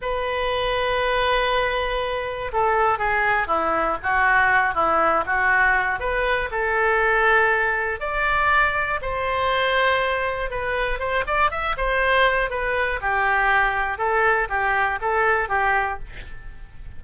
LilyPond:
\new Staff \with { instrumentName = "oboe" } { \time 4/4 \tempo 4 = 120 b'1~ | b'4 a'4 gis'4 e'4 | fis'4. e'4 fis'4. | b'4 a'2. |
d''2 c''2~ | c''4 b'4 c''8 d''8 e''8 c''8~ | c''4 b'4 g'2 | a'4 g'4 a'4 g'4 | }